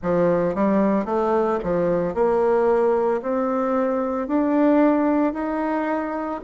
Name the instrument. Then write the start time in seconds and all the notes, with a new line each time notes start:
bassoon
0.02 F3
0.55 G3
1.05 A3
1.64 F3
2.14 A#3
3.21 C4
4.27 D4
5.33 D#4